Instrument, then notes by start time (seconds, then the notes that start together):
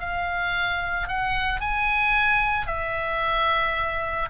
oboe
0.00 F5
1.08 F#5
1.60 G#5
2.67 E5